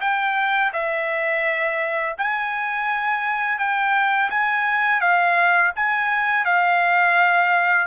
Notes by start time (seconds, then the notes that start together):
0.00 G5
0.73 E5
2.17 G#5
3.58 G5
4.30 G#5
5.00 F5
5.76 G#5
6.44 F5